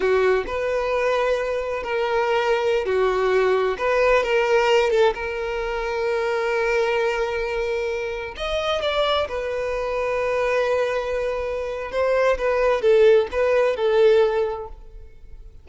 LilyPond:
\new Staff \with { instrumentName = "violin" } { \time 4/4 \tempo 4 = 131 fis'4 b'2. | ais'2~ ais'16 fis'4.~ fis'16~ | fis'16 b'4 ais'4. a'8 ais'8.~ | ais'1~ |
ais'2~ ais'16 dis''4 d''8.~ | d''16 b'2.~ b'8.~ | b'2 c''4 b'4 | a'4 b'4 a'2 | }